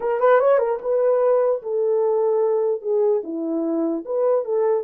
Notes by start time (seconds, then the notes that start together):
0.00 A#4
0.20 B4
0.39 C#5
0.58 A#4
0.81 B4
1.62 A4
2.81 G#4
3.23 E4
4.05 B4
4.44 A4